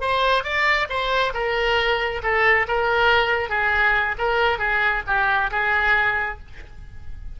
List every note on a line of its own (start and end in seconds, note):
0.00 0.43 C5
0.43 0.87 D5
0.89 1.33 C5
1.33 2.21 A#4
2.23 2.66 A4
2.67 3.49 A#4
3.49 4.15 G#4
4.18 4.58 A#4
4.58 5.02 G#4
5.06 5.50 G4
5.50 6.38 G#4